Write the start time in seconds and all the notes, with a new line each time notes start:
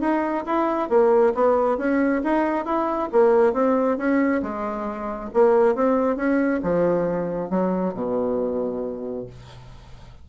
0.00 D#4
0.46 E4
0.89 A#3
1.34 B3
1.77 C#4
2.23 D#4
2.65 E4
3.12 A#3
3.53 C4
3.97 C#4
4.42 G#3
5.33 A#3
5.75 C4
6.16 C#4
6.63 F3
7.50 F#3
7.94 B2